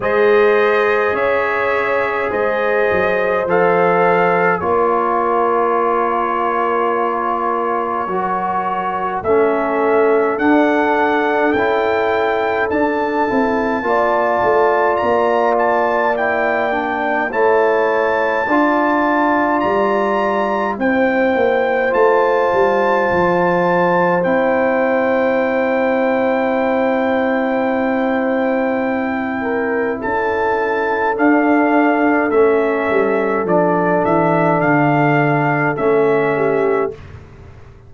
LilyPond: <<
  \new Staff \with { instrumentName = "trumpet" } { \time 4/4 \tempo 4 = 52 dis''4 e''4 dis''4 f''4 | cis''1 | e''4 fis''4 g''4 a''4~ | a''4 ais''8 a''8 g''4 a''4~ |
a''4 ais''4 g''4 a''4~ | a''4 g''2.~ | g''2 a''4 f''4 | e''4 d''8 e''8 f''4 e''4 | }
  \new Staff \with { instrumentName = "horn" } { \time 4/4 c''4 cis''4 c''2 | ais'1 | a'1 | d''2. cis''4 |
d''2 c''2~ | c''1~ | c''4. ais'8 a'2~ | a'2.~ a'8 g'8 | }
  \new Staff \with { instrumentName = "trombone" } { \time 4/4 gis'2. a'4 | f'2. fis'4 | cis'4 d'4 e'4 d'8 e'8 | f'2 e'8 d'8 e'4 |
f'2 e'4 f'4~ | f'4 e'2.~ | e'2. d'4 | cis'4 d'2 cis'4 | }
  \new Staff \with { instrumentName = "tuba" } { \time 4/4 gis4 cis'4 gis8 fis8 f4 | ais2. fis4 | a4 d'4 cis'4 d'8 c'8 | ais8 a8 ais2 a4 |
d'4 g4 c'8 ais8 a8 g8 | f4 c'2.~ | c'2 cis'4 d'4 | a8 g8 f8 e8 d4 a4 | }
>>